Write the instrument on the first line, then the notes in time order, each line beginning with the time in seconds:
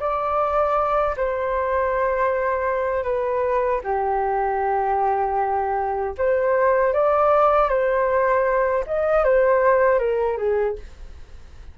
flute
0.00 D5
1.17 C5
3.03 B4
3.84 G4
6.18 C5
6.93 D5
7.69 C5
8.87 D#5
9.24 C5
9.99 A#4
10.37 G#4